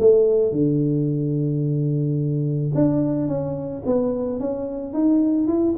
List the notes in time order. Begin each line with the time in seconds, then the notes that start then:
0.00 A3
0.52 D3
2.75 D4
3.28 C#4
3.86 B3
4.40 C#4
4.94 D#4
5.48 E4